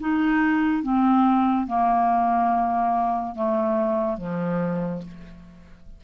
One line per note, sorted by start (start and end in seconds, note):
0.00 0.83 D#4
0.83 1.67 C4
1.67 3.35 A#3
3.35 4.18 A3
4.18 5.02 F3